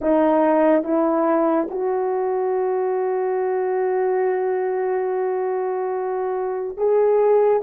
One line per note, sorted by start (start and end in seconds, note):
0.01 0.83 D#4
0.83 1.67 E4
1.70 6.77 F#4
6.77 7.61 G#4